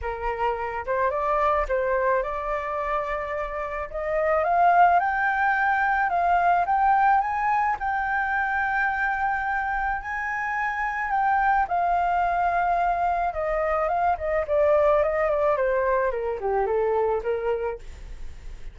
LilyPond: \new Staff \with { instrumentName = "flute" } { \time 4/4 \tempo 4 = 108 ais'4. c''8 d''4 c''4 | d''2. dis''4 | f''4 g''2 f''4 | g''4 gis''4 g''2~ |
g''2 gis''2 | g''4 f''2. | dis''4 f''8 dis''8 d''4 dis''8 d''8 | c''4 ais'8 g'8 a'4 ais'4 | }